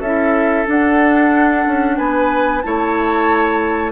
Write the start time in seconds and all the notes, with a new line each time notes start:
0.00 C#4 E4 A4 E5
0.66 D4 F#5
1.66 C#4
1.97 B3 B4 G#5
2.62 A3 E4 C#5 A5